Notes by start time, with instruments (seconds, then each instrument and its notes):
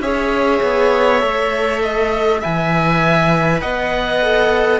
0.00 cello C#4, viola G#4, violin C#5, oboe E5
0.62 cello B3
1.20 cello A3, viola A4
1.83 violin D#5
2.41 cello E3, viola B4, violin E5, oboe G#5
3.61 cello B3, violin D#5, oboe F#5
4.22 viola A4